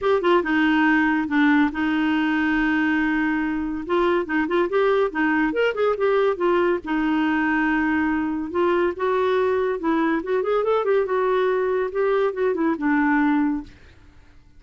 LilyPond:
\new Staff \with { instrumentName = "clarinet" } { \time 4/4 \tempo 4 = 141 g'8 f'8 dis'2 d'4 | dis'1~ | dis'4 f'4 dis'8 f'8 g'4 | dis'4 ais'8 gis'8 g'4 f'4 |
dis'1 | f'4 fis'2 e'4 | fis'8 gis'8 a'8 g'8 fis'2 | g'4 fis'8 e'8 d'2 | }